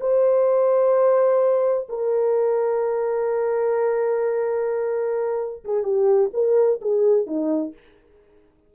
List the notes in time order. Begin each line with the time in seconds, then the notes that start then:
0.00 C5
1.89 A#4
5.64 G#4
5.83 G4
6.33 A#4
6.81 G#4
7.26 D#4